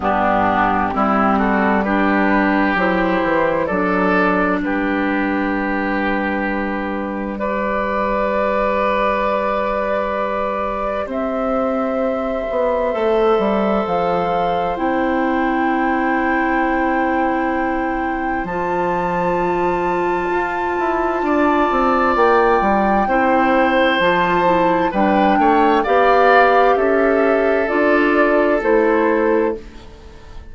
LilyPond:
<<
  \new Staff \with { instrumentName = "flute" } { \time 4/4 \tempo 4 = 65 g'4. a'8 b'4 c''4 | d''4 b'2. | d''1 | e''2. f''4 |
g''1 | a''1 | g''2 a''4 g''4 | f''4 e''4 d''4 c''4 | }
  \new Staff \with { instrumentName = "oboe" } { \time 4/4 d'4 e'8 fis'8 g'2 | a'4 g'2. | b'1 | c''1~ |
c''1~ | c''2. d''4~ | d''4 c''2 b'8 cis''8 | d''4 a'2. | }
  \new Staff \with { instrumentName = "clarinet" } { \time 4/4 b4 c'4 d'4 e'4 | d'1 | g'1~ | g'2 a'2 |
e'1 | f'1~ | f'4 e'4 f'8 e'8 d'4 | g'2 f'4 e'4 | }
  \new Staff \with { instrumentName = "bassoon" } { \time 4/4 g,4 g2 fis8 e8 | fis4 g2.~ | g1 | c'4. b8 a8 g8 f4 |
c'1 | f2 f'8 e'8 d'8 c'8 | ais8 g8 c'4 f4 g8 a8 | b4 cis'4 d'4 a4 | }
>>